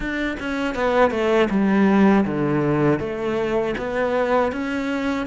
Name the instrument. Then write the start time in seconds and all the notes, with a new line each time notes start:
cello
0.00 D4
0.39 C#4
0.75 B3
1.10 A3
1.50 G3
2.25 D3
2.99 A3
3.77 B3
4.51 C#4